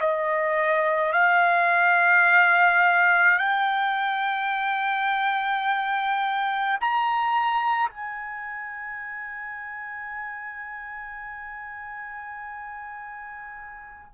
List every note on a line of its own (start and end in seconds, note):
0.00 1.13 D#5
1.13 3.38 F5
3.38 6.78 G5
6.80 7.89 A#5
7.89 14.11 G#5